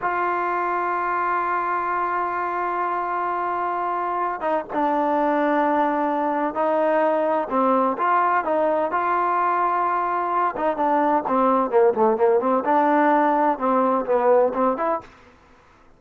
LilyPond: \new Staff \with { instrumentName = "trombone" } { \time 4/4 \tempo 4 = 128 f'1~ | f'1~ | f'4. dis'8 d'2~ | d'2 dis'2 |
c'4 f'4 dis'4 f'4~ | f'2~ f'8 dis'8 d'4 | c'4 ais8 a8 ais8 c'8 d'4~ | d'4 c'4 b4 c'8 e'8 | }